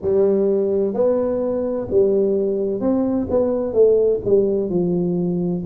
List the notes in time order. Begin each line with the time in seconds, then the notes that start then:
0.02 G3
0.94 B3
1.90 G3
2.80 C4
3.29 B3
3.73 A3
4.24 G3
4.69 F3